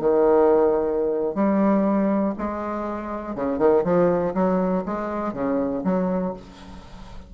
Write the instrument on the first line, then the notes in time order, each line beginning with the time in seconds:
bassoon
0.00 D#3
1.35 G3
2.38 G#3
3.36 C#3
3.59 D#3
3.84 F3
4.34 F#3
4.86 G#3
5.34 C#3
5.84 F#3